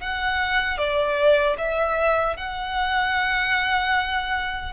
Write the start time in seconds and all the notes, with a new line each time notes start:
0.00 F#5
0.78 D5
1.58 E5
2.37 F#5